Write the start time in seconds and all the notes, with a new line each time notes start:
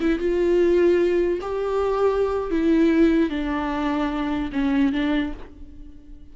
0.00 E4
0.18 F4
1.41 G4
2.50 E4
3.29 D4
4.52 C#4
4.92 D4